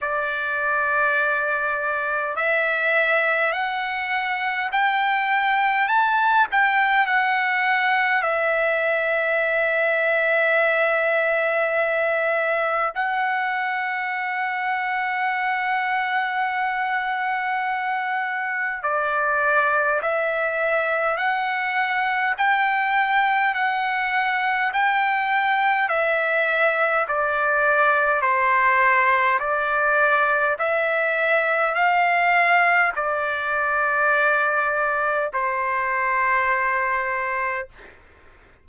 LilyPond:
\new Staff \with { instrumentName = "trumpet" } { \time 4/4 \tempo 4 = 51 d''2 e''4 fis''4 | g''4 a''8 g''8 fis''4 e''4~ | e''2. fis''4~ | fis''1 |
d''4 e''4 fis''4 g''4 | fis''4 g''4 e''4 d''4 | c''4 d''4 e''4 f''4 | d''2 c''2 | }